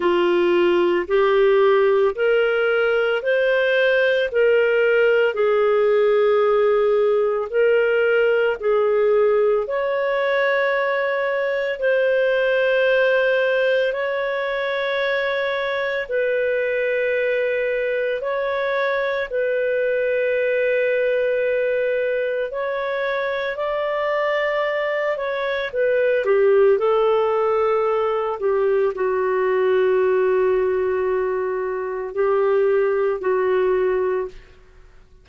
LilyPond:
\new Staff \with { instrumentName = "clarinet" } { \time 4/4 \tempo 4 = 56 f'4 g'4 ais'4 c''4 | ais'4 gis'2 ais'4 | gis'4 cis''2 c''4~ | c''4 cis''2 b'4~ |
b'4 cis''4 b'2~ | b'4 cis''4 d''4. cis''8 | b'8 g'8 a'4. g'8 fis'4~ | fis'2 g'4 fis'4 | }